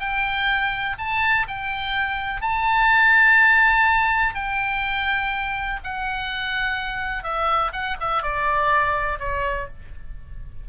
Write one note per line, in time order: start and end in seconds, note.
0.00 0.97 G5
0.99 1.47 A5
1.48 2.42 G5
2.42 4.35 A5
4.35 5.80 G5
5.84 7.24 F#5
7.24 7.72 E5
7.73 7.97 F#5
8.01 8.23 E5
8.23 9.19 D5
9.19 9.68 C#5